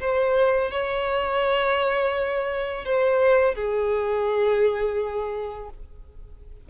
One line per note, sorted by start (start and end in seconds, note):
0.00 0.71 C5
0.71 2.85 C#5
2.85 3.55 C5
3.55 5.69 G#4